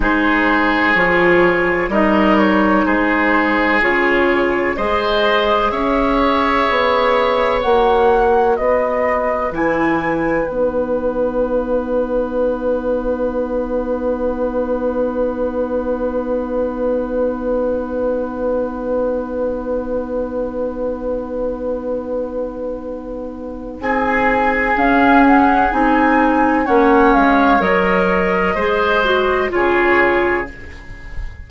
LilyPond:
<<
  \new Staff \with { instrumentName = "flute" } { \time 4/4 \tempo 4 = 63 c''4 cis''4 dis''8 cis''8 c''4 | cis''4 dis''4 e''2 | fis''4 dis''4 gis''4 fis''4~ | fis''1~ |
fis''1~ | fis''1~ | fis''4 gis''4 f''8 fis''8 gis''4 | fis''8 f''8 dis''2 cis''4 | }
  \new Staff \with { instrumentName = "oboe" } { \time 4/4 gis'2 ais'4 gis'4~ | gis'4 c''4 cis''2~ | cis''4 b'2.~ | b'1~ |
b'1~ | b'1~ | b'4 gis'2. | cis''2 c''4 gis'4 | }
  \new Staff \with { instrumentName = "clarinet" } { \time 4/4 dis'4 f'4 dis'2 | f'4 gis'2. | fis'2 e'4 dis'4~ | dis'1~ |
dis'1~ | dis'1~ | dis'2 cis'4 dis'4 | cis'4 ais'4 gis'8 fis'8 f'4 | }
  \new Staff \with { instrumentName = "bassoon" } { \time 4/4 gis4 f4 g4 gis4 | cis4 gis4 cis'4 b4 | ais4 b4 e4 b4~ | b1~ |
b1~ | b1~ | b4 c'4 cis'4 c'4 | ais8 gis8 fis4 gis4 cis4 | }
>>